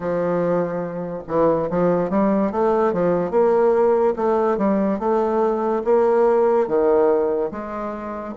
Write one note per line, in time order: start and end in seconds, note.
0.00 1.22 F3
1.27 1.69 E3
1.69 2.09 F3
2.09 2.51 G3
2.52 2.92 A3
2.92 3.31 F3
3.31 4.14 A#3
4.16 4.57 A3
4.57 4.99 G3
4.99 5.82 A3
5.84 6.67 A#3
6.67 7.50 D#3
7.51 8.34 G#3